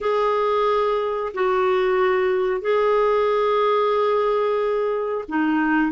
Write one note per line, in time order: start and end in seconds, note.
0.01 1.32 G#4
1.34 2.61 F#4
2.61 5.24 G#4
5.28 5.92 D#4